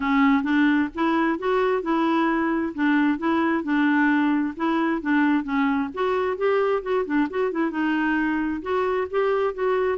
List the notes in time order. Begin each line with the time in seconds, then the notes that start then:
0.00 C#4
0.43 D4
0.94 E4
1.38 F#4
1.82 E4
2.74 D4
3.18 E4
3.63 D4
4.56 E4
5.01 D4
5.43 C#4
5.93 F#4
6.37 G4
6.82 F#4
7.05 D4
7.30 F#4
7.51 E4
7.70 D#4
8.62 F#4
9.10 G4
9.54 F#4